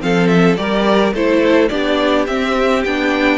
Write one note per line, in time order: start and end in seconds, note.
0.00 0.58 F3
0.00 0.57 C4
0.00 0.60 A4
0.00 0.28 F5
0.28 0.56 E5
0.57 1.13 G3
0.57 1.14 G4
0.57 1.14 A#4
0.57 1.14 D5
1.13 1.70 A3
1.13 1.71 E4
1.13 1.71 A4
1.13 1.69 C5
1.69 2.28 B3
1.69 2.27 D4
1.69 3.39 G4
1.69 2.25 D5
2.27 2.84 C4
2.27 2.85 C4
2.27 2.84 E5
2.85 3.39 B3
2.85 3.39 D4
2.85 3.39 G5